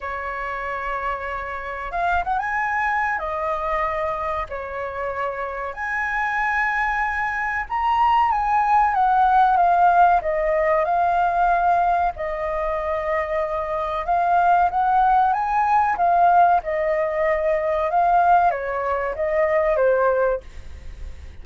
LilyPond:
\new Staff \with { instrumentName = "flute" } { \time 4/4 \tempo 4 = 94 cis''2. f''8 fis''16 gis''16~ | gis''4 dis''2 cis''4~ | cis''4 gis''2. | ais''4 gis''4 fis''4 f''4 |
dis''4 f''2 dis''4~ | dis''2 f''4 fis''4 | gis''4 f''4 dis''2 | f''4 cis''4 dis''4 c''4 | }